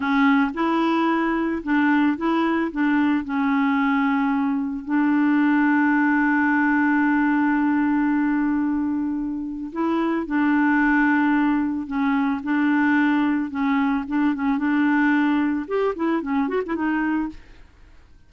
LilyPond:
\new Staff \with { instrumentName = "clarinet" } { \time 4/4 \tempo 4 = 111 cis'4 e'2 d'4 | e'4 d'4 cis'2~ | cis'4 d'2.~ | d'1~ |
d'2 e'4 d'4~ | d'2 cis'4 d'4~ | d'4 cis'4 d'8 cis'8 d'4~ | d'4 g'8 e'8 cis'8 fis'16 e'16 dis'4 | }